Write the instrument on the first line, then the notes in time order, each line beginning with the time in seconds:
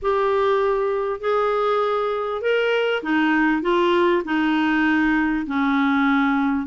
clarinet
0.02 G4
1.20 G#4
2.41 A#4
3.02 D#4
3.62 F4
4.24 D#4
5.46 C#4